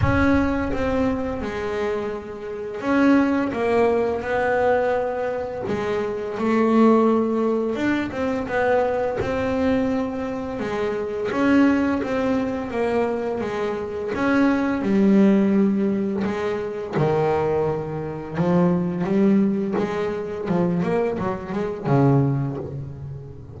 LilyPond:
\new Staff \with { instrumentName = "double bass" } { \time 4/4 \tempo 4 = 85 cis'4 c'4 gis2 | cis'4 ais4 b2 | gis4 a2 d'8 c'8 | b4 c'2 gis4 |
cis'4 c'4 ais4 gis4 | cis'4 g2 gis4 | dis2 f4 g4 | gis4 f8 ais8 fis8 gis8 cis4 | }